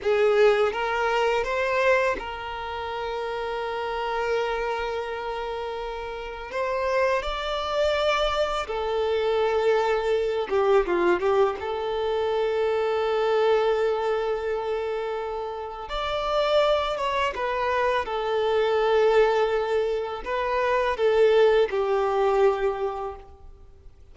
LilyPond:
\new Staff \with { instrumentName = "violin" } { \time 4/4 \tempo 4 = 83 gis'4 ais'4 c''4 ais'4~ | ais'1~ | ais'4 c''4 d''2 | a'2~ a'8 g'8 f'8 g'8 |
a'1~ | a'2 d''4. cis''8 | b'4 a'2. | b'4 a'4 g'2 | }